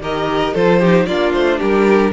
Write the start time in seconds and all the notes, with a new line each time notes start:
0.00 D#3 G4 A#4 D#5
0.54 F3 F4 A4 C5
0.80 D#4 G4
1.06 A#3 D4 F4 D5
1.33 A3 C5
1.59 G3 G4 A#4